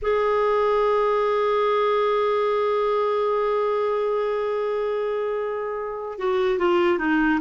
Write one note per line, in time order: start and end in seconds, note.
0.01 6.18 G#4
6.18 6.58 F#4
6.58 6.98 F4
6.98 7.39 D#4